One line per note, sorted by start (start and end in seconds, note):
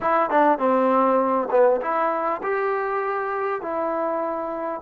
0.00 0.30 E4
0.30 0.58 D4
0.58 1.48 C4
1.50 1.80 B3
1.81 2.41 E4
2.42 3.61 G4
3.61 4.81 E4